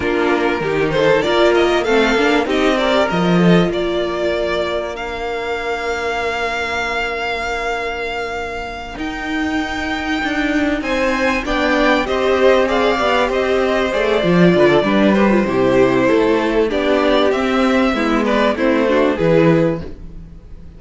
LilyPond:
<<
  \new Staff \with { instrumentName = "violin" } { \time 4/4 \tempo 4 = 97 ais'4. c''8 d''8 dis''8 f''4 | dis''8 d''8 dis''4 d''2 | f''1~ | f''2~ f''8 g''4.~ |
g''4. gis''4 g''4 dis''8~ | dis''8 f''4 dis''4 d''4.~ | d''8 c''2~ c''8 d''4 | e''4. d''8 c''4 b'4 | }
  \new Staff \with { instrumentName = "violin" } { \time 4/4 f'4 g'8 a'8 ais'4 a'4 | g'8 ais'4 a'8 ais'2~ | ais'1~ | ais'1~ |
ais'4. c''4 d''4 c''8~ | c''8 d''4 c''2 b'16 a'16 | b'4 g'4 a'4 g'4~ | g'4 e'8 b'8 e'8 fis'8 gis'4 | }
  \new Staff \with { instrumentName = "viola" } { \time 4/4 d'4 dis'4 f'4 c'8 d'8 | dis'8 g'8 f'2. | d'1~ | d'2~ d'8 dis'4.~ |
dis'2~ dis'8 d'4 g'8~ | g'8 gis'8 g'4. gis'8 f'4 | d'8 g'16 f'16 e'2 d'4 | c'4 b4 c'8 d'8 e'4 | }
  \new Staff \with { instrumentName = "cello" } { \time 4/4 ais4 dis4 ais4 a8 ais8 | c'4 f4 ais2~ | ais1~ | ais2~ ais8 dis'4.~ |
dis'8 d'4 c'4 b4 c'8~ | c'4 b8 c'4 a8 f8 d8 | g4 c4 a4 b4 | c'4 gis4 a4 e4 | }
>>